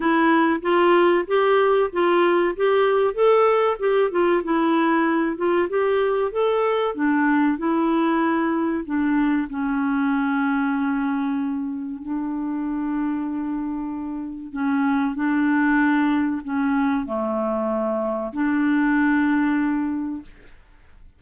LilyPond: \new Staff \with { instrumentName = "clarinet" } { \time 4/4 \tempo 4 = 95 e'4 f'4 g'4 f'4 | g'4 a'4 g'8 f'8 e'4~ | e'8 f'8 g'4 a'4 d'4 | e'2 d'4 cis'4~ |
cis'2. d'4~ | d'2. cis'4 | d'2 cis'4 a4~ | a4 d'2. | }